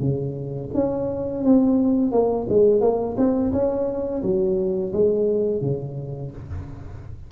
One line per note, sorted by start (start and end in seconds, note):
0.00 0.70 C#3
0.74 1.44 C#4
1.44 2.12 C4
2.12 2.47 A#3
2.49 2.81 G#3
2.81 3.16 A#3
3.17 3.52 C4
3.52 4.22 C#4
4.22 4.92 F#3
4.93 5.61 G#3
5.61 6.31 C#3